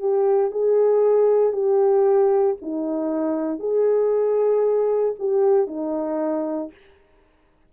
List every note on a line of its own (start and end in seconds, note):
0.00 0.51 G4
0.51 1.53 G#4
1.53 2.56 G4
2.62 3.59 D#4
3.59 5.14 G#4
5.20 5.67 G4
5.67 6.71 D#4